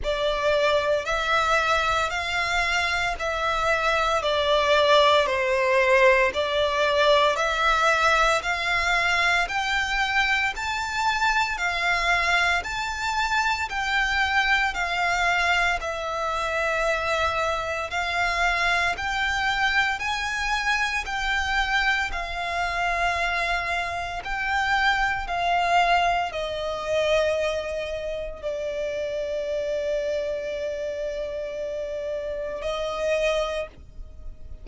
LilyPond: \new Staff \with { instrumentName = "violin" } { \time 4/4 \tempo 4 = 57 d''4 e''4 f''4 e''4 | d''4 c''4 d''4 e''4 | f''4 g''4 a''4 f''4 | a''4 g''4 f''4 e''4~ |
e''4 f''4 g''4 gis''4 | g''4 f''2 g''4 | f''4 dis''2 d''4~ | d''2. dis''4 | }